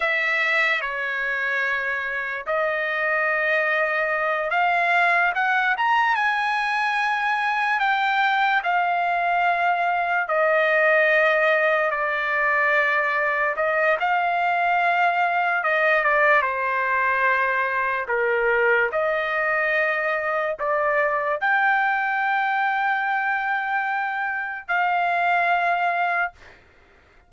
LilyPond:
\new Staff \with { instrumentName = "trumpet" } { \time 4/4 \tempo 4 = 73 e''4 cis''2 dis''4~ | dis''4. f''4 fis''8 ais''8 gis''8~ | gis''4. g''4 f''4.~ | f''8 dis''2 d''4.~ |
d''8 dis''8 f''2 dis''8 d''8 | c''2 ais'4 dis''4~ | dis''4 d''4 g''2~ | g''2 f''2 | }